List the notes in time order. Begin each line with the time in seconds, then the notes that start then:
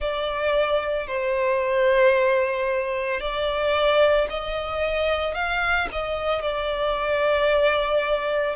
0.00 D5
1.07 C5
3.20 D5
4.29 D#5
5.34 F5
5.92 D#5
6.42 D5